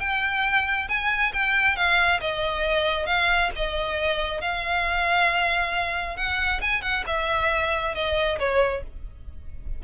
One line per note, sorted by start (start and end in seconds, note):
0.00 0.88 G5
0.89 1.33 G#5
1.33 1.76 G5
1.76 2.20 F5
2.21 3.07 D#5
3.07 3.51 F5
3.56 4.41 D#5
4.41 6.17 F5
6.17 6.61 F#5
6.62 6.82 G#5
6.82 7.04 F#5
7.07 7.95 E5
7.95 8.39 D#5
8.39 8.83 C#5